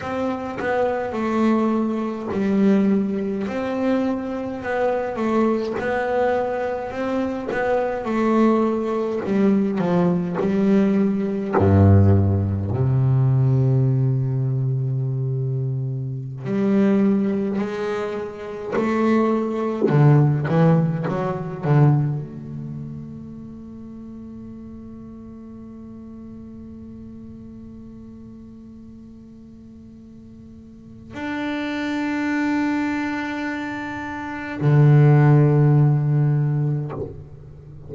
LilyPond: \new Staff \with { instrumentName = "double bass" } { \time 4/4 \tempo 4 = 52 c'8 b8 a4 g4 c'4 | b8 a8 b4 c'8 b8 a4 | g8 f8 g4 g,4 c4~ | c2~ c16 g4 gis8.~ |
gis16 a4 d8 e8 fis8 d8 a8.~ | a1~ | a2. d'4~ | d'2 d2 | }